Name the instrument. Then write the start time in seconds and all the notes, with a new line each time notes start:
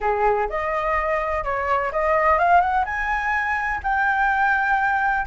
flute
0.00 G#4
0.49 D#5
1.44 C#5
1.92 D#5
2.38 F5
2.61 F#5
2.85 G#5
3.83 G5